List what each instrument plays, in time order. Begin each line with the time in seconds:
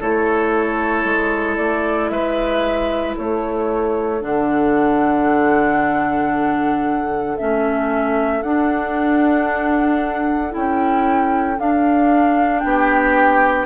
0.00 bassoon A3, clarinet E4, oboe A4, flute C#5
1.04 bassoon G#3
1.56 bassoon A3, flute D5
2.09 bassoon G#3, oboe B4, flute E5
3.16 bassoon A3, oboe A4, flute C#5
4.21 bassoon D3, clarinet D4, flute F#5
7.37 bassoon A3, clarinet C#4, flute E5
8.42 bassoon D4, clarinet D4, flute F#5
10.50 bassoon C#4, clarinet E4, flute G5
11.59 bassoon D4, clarinet D4, flute F5
12.59 bassoon B3, oboe G4, flute G5